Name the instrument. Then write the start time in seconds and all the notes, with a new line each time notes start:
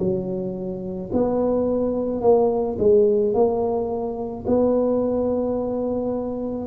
tuba
0.00 F#3
1.13 B3
2.22 A#3
2.79 G#3
3.34 A#3
4.47 B3